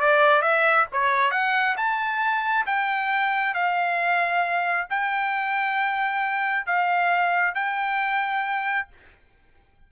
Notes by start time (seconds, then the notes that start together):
0.00 D5
0.41 E5
0.92 C#5
1.31 F#5
1.77 A5
2.66 G5
3.54 F5
4.89 G5
6.66 F5
7.54 G5